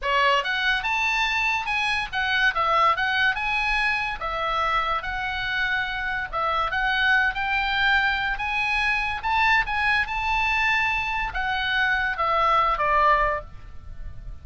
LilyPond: \new Staff \with { instrumentName = "oboe" } { \time 4/4 \tempo 4 = 143 cis''4 fis''4 a''2 | gis''4 fis''4 e''4 fis''4 | gis''2 e''2 | fis''2. e''4 |
fis''4. g''2~ g''8 | gis''2 a''4 gis''4 | a''2. fis''4~ | fis''4 e''4. d''4. | }